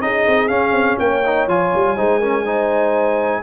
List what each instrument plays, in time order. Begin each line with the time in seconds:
0.00 tuba C#4, trombone D#4, horn G#4, trumpet D#5
0.27 tuba C4
0.48 trombone C#4, tuba C#4, trumpet F5
0.72 tuba C4
0.98 tuba A#3, horn C#5, trumpet G5
1.26 trombone D#4
1.47 tuba F3, trombone F4, trumpet G#5
1.75 tuba G3
1.96 tuba G#3, trombone D#4, horn C5
2.19 trombone C#4, horn A#4
2.44 trombone D#4, horn C5